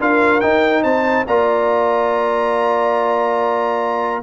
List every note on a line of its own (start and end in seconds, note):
0.00 0.42 D4
0.00 0.42 F4
0.00 0.83 A#4
0.00 0.40 F5
0.40 1.26 D#4
0.40 0.84 D#4
0.40 0.83 G5
0.83 1.26 C4
0.83 1.26 C5
0.83 1.25 A5
1.27 4.23 A#3
1.27 4.23 F4
1.27 4.22 D5
1.27 4.23 A#5